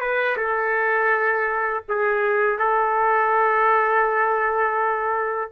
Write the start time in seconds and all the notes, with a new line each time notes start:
0.00 B4
0.37 A4
1.89 G#4
2.58 A4